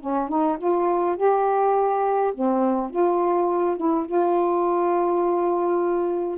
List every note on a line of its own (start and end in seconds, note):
0.00 0.29 C#4
0.29 0.58 D#4
0.59 1.17 F4
1.17 2.33 G4
2.35 2.90 C4
2.90 3.77 F4
3.77 4.06 E4
4.06 6.38 F4